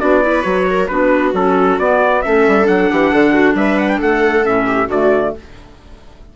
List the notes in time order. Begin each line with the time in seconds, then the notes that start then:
0.00 B3 D4 F#4 D5
0.22 E4 B4
0.43 F#3 F#4 C#5
0.70 A#4
0.88 B3 D4 F#4 B4
1.34 F#3 C#4 A4
1.79 B3 D5
2.22 A3 C#4 A4 E5
2.48 G3
2.64 F#3 D4 F#5
2.92 E3 G4
3.12 D3 A4
3.33 F#4
3.55 G3 B4 E5
3.79 F#5
3.89 G5
3.98 A3 A4 F#5
4.44 A2 C#4 E5
4.67 G4
4.89 D3 A3 F#4 D5